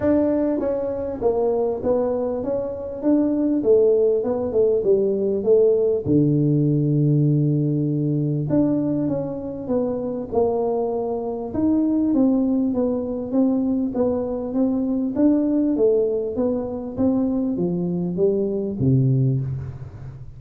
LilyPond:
\new Staff \with { instrumentName = "tuba" } { \time 4/4 \tempo 4 = 99 d'4 cis'4 ais4 b4 | cis'4 d'4 a4 b8 a8 | g4 a4 d2~ | d2 d'4 cis'4 |
b4 ais2 dis'4 | c'4 b4 c'4 b4 | c'4 d'4 a4 b4 | c'4 f4 g4 c4 | }